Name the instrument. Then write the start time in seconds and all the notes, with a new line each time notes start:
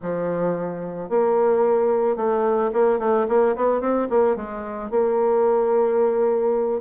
bassoon
0.01 F3
1.09 A#3
2.16 A3
2.73 A#3
2.99 A3
3.28 A#3
3.56 B3
3.81 C4
4.09 A#3
4.36 G#3
4.90 A#3